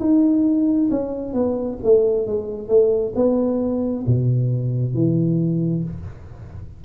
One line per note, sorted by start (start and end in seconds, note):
0.00 0.90 D#4
0.91 1.34 C#4
1.34 1.78 B3
1.84 2.27 A3
2.27 2.69 G#3
2.69 3.13 A3
3.15 4.05 B3
4.07 4.95 B2
4.95 5.84 E3